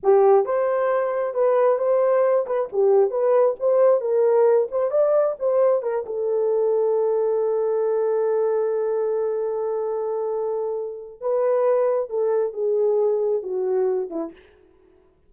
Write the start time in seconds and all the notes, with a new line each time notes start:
0.03 G4
0.45 C5
1.34 B4
1.78 C5
2.46 B4
2.72 G4
3.10 B4
3.59 C5
4.01 A#4
4.71 C5
4.91 D5
5.39 C5
5.82 A#4
6.05 A4
11.20 B4
12.09 A4
12.53 G#4
13.42 F#4
14.10 E4